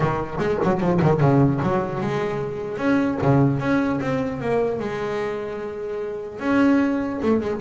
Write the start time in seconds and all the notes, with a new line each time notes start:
0.00 D#3
0.39 G#3
0.63 F#3
0.80 F3
1.01 D#3
1.20 C#3
1.63 F#3
2.00 G#3
2.77 C#4
3.22 C#3
3.59 C#4
4.00 C4
4.41 A#3
4.79 G#3
6.39 C#4
7.22 A3
7.40 G#3